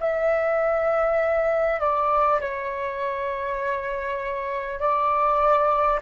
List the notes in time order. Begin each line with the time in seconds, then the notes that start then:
0.00 E5
1.80 D5
2.41 C#5
4.80 D5